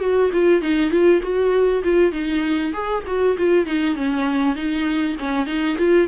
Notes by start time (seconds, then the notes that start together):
0.00 F#4
0.33 F4
0.61 D#4
0.91 F4
1.22 F#4
1.83 F4
2.12 D#4
2.73 G#4
3.06 F#4
3.37 F4
3.66 D#4
3.96 C#4
4.55 D#4
5.19 C#4
5.46 D#4
5.78 F4